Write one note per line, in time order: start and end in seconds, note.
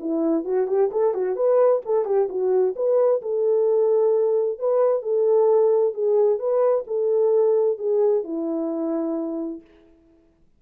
0.00 0.45 E4
0.45 0.67 F#4
0.67 0.90 G4
0.92 1.14 A4
1.14 1.36 F#4
1.36 1.82 B4
1.86 2.05 A4
2.05 2.28 G4
2.29 2.75 F#4
2.76 3.22 B4
3.22 4.59 A4
4.59 5.02 B4
5.02 5.94 A4
5.94 6.39 G#4
6.39 6.85 B4
6.87 7.78 A4
7.78 8.24 G#4
8.24 9.61 E4